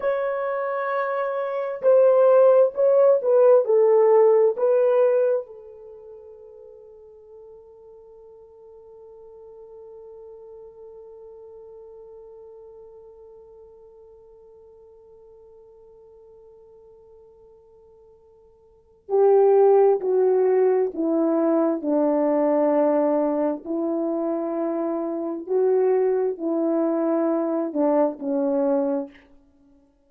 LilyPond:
\new Staff \with { instrumentName = "horn" } { \time 4/4 \tempo 4 = 66 cis''2 c''4 cis''8 b'8 | a'4 b'4 a'2~ | a'1~ | a'1~ |
a'1~ | a'4 g'4 fis'4 e'4 | d'2 e'2 | fis'4 e'4. d'8 cis'4 | }